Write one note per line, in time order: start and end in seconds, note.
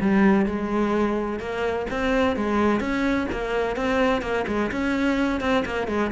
0.00 0.45 G3
0.45 1.39 G#3
1.39 1.86 A#3
1.90 2.36 C4
2.36 2.80 G#3
2.80 3.27 C#4
3.32 3.76 A#3
3.76 4.21 C4
4.21 4.45 A#3
4.47 4.71 G#3
4.71 5.40 C#4
5.40 5.64 C4
5.65 5.87 A#3
5.87 6.10 G#3